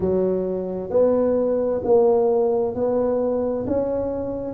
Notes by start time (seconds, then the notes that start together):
0.00 F#3
0.90 B3
1.84 A#3
2.74 B3
3.66 C#4